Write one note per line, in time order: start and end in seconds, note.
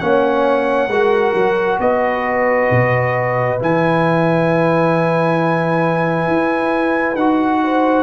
0.00 0.87 A#3
0.00 0.90 C#4
0.00 0.89 C#5
0.00 1.79 F#5
0.87 1.32 G#3
0.87 3.59 F#4
0.87 1.79 A#4
1.33 1.78 F#3
1.79 2.69 B3
1.79 7.62 B4
1.79 3.59 D#5
2.71 3.60 B2
3.59 6.27 E3
3.59 7.17 E4
3.59 7.16 G#5
6.27 7.15 E4
7.15 8.03 D#4
7.15 8.03 F#4
7.15 8.03 F#5
7.63 8.03 C5